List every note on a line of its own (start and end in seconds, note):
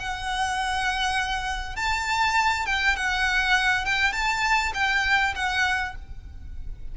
0.00 1.76 F#5
1.76 2.66 A5
2.66 2.96 G5
2.96 3.85 F#5
3.85 4.13 G5
4.13 4.73 A5
4.75 5.35 G5
5.35 5.95 F#5